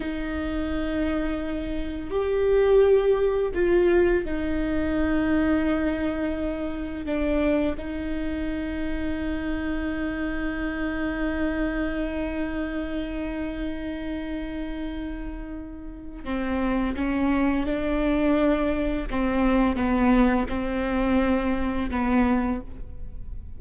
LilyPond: \new Staff \with { instrumentName = "viola" } { \time 4/4 \tempo 4 = 85 dis'2. g'4~ | g'4 f'4 dis'2~ | dis'2 d'4 dis'4~ | dis'1~ |
dis'1~ | dis'2. c'4 | cis'4 d'2 c'4 | b4 c'2 b4 | }